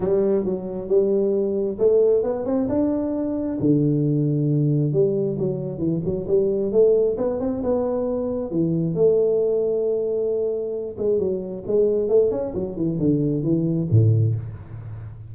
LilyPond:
\new Staff \with { instrumentName = "tuba" } { \time 4/4 \tempo 4 = 134 g4 fis4 g2 | a4 b8 c'8 d'2 | d2. g4 | fis4 e8 fis8 g4 a4 |
b8 c'8 b2 e4 | a1~ | a8 gis8 fis4 gis4 a8 cis'8 | fis8 e8 d4 e4 a,4 | }